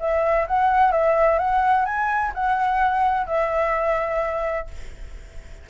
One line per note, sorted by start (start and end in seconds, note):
0.00 0.47 E5
0.48 0.92 F#5
0.92 1.38 E5
1.38 1.85 F#5
1.85 2.32 G#5
2.34 3.27 F#5
3.27 4.67 E5